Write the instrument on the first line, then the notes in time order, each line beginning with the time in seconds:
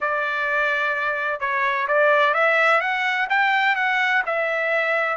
trumpet
0.01 D5
1.40 C#5
1.87 D5
2.34 E5
2.80 F#5
3.29 G5
3.75 F#5
4.25 E5